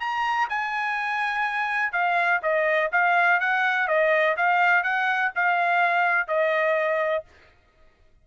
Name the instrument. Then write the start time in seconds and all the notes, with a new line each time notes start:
trumpet
0.00 A#5
0.49 G#5
1.92 F5
2.42 D#5
2.92 F5
3.40 F#5
3.88 D#5
4.37 F5
4.83 F#5
5.36 F5
6.28 D#5